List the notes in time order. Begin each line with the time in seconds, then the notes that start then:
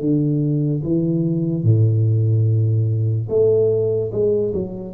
0.00 D3
0.83 E3
1.63 A2
3.28 A3
4.11 G#3
4.54 F#3